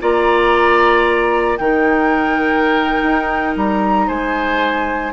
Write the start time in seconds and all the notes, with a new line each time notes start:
0.00 A#3 F4 D5 A#5
1.57 D#3 D#4 A#4 G5
3.03 D#4
3.56 G3 A#5
4.07 G#3 C5 G#5